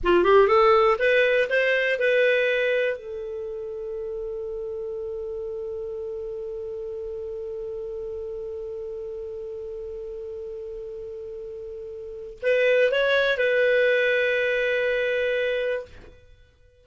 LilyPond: \new Staff \with { instrumentName = "clarinet" } { \time 4/4 \tempo 4 = 121 f'8 g'8 a'4 b'4 c''4 | b'2 a'2~ | a'1~ | a'1~ |
a'1~ | a'1~ | a'4 b'4 cis''4 b'4~ | b'1 | }